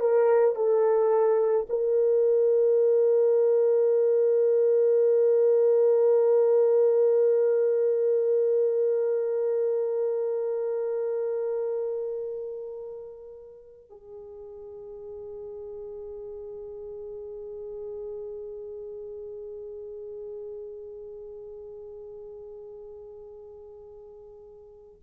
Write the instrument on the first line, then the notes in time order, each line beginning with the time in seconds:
horn
0.00 A#4
0.56 A4
1.69 A#4
13.89 G#4